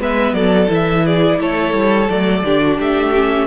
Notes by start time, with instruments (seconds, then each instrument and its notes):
0.00 cello G#3, viola B3, violin B4 E5
0.33 cello F#3, violin A4 D5
0.68 cello E3, viola E4
0.74 violin E5
1.05 violin G#4 D5
1.40 cello A3, violin A4 C#5
1.74 cello G3
2.10 cello F#3, viola A3, violin D5
2.43 cello D3, viola D4, violin G4
2.62 violin F#4
2.78 cello A3, violin G4 E5
3.15 viola C#4